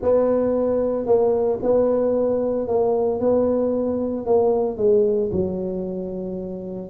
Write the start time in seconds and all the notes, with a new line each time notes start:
0.02 B3
1.05 A#3
1.62 B3
2.67 A#3
3.20 B3
4.26 A#3
4.77 G#3
5.31 F#3